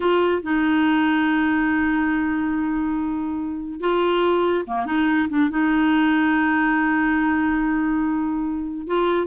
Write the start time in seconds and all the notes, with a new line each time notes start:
0.00 F4
0.42 D#4
3.80 F4
4.67 A#3
4.86 D#4
5.29 D4
5.49 D#4
8.87 F4